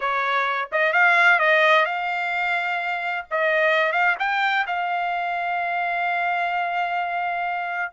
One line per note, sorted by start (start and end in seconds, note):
0.00 0.69 C#5
0.71 0.93 D#5
0.93 1.39 F5
1.39 1.85 D#5
1.85 3.25 F5
3.30 3.92 D#5
3.92 4.15 F5
4.19 4.65 G5
4.66 7.92 F5